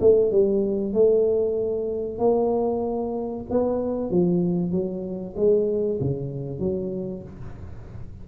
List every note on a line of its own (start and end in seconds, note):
0.00 0.31 A3
0.31 0.93 G3
0.93 2.18 A3
2.18 3.45 A#3
3.50 4.10 B3
4.10 4.71 F3
4.71 5.35 F#3
5.36 5.99 G#3
6.00 6.59 C#3
6.59 7.22 F#3